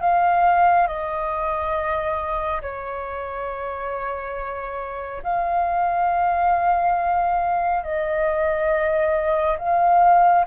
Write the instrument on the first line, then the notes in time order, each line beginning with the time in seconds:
flute
0.00 F5
0.87 D#5
2.61 C#5
5.23 F5
7.83 D#5
9.58 F5